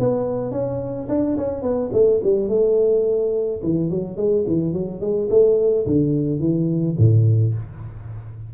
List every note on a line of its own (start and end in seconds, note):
0.00 0.52 B3
0.52 1.08 C#4
1.09 1.37 D4
1.38 1.63 C#4
1.63 1.91 B3
1.93 2.21 A3
2.24 2.49 G3
2.49 3.61 A3
3.63 3.90 E3
3.90 4.17 F#3
4.17 4.45 G#3
4.47 4.73 E3
4.73 5.01 F#3
5.01 5.29 G#3
5.30 5.86 A3
5.86 6.40 D3
6.40 6.96 E3
6.99 7.55 A2